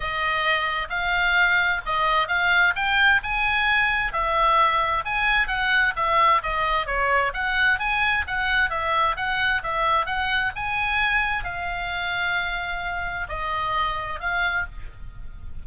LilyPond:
\new Staff \with { instrumentName = "oboe" } { \time 4/4 \tempo 4 = 131 dis''2 f''2 | dis''4 f''4 g''4 gis''4~ | gis''4 e''2 gis''4 | fis''4 e''4 dis''4 cis''4 |
fis''4 gis''4 fis''4 e''4 | fis''4 e''4 fis''4 gis''4~ | gis''4 f''2.~ | f''4 dis''2 f''4 | }